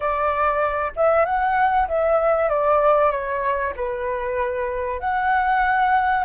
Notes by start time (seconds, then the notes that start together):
0.00 D5
0.95 E5
1.25 F#5
1.88 E5
2.49 D5
3.11 C#5
3.76 B4
5.00 F#5